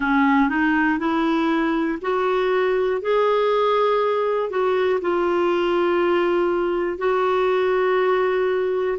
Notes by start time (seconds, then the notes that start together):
0.00 C#4
0.49 D#4
0.98 E4
2.01 F#4
3.01 G#4
4.50 F#4
5.00 F4
6.97 F#4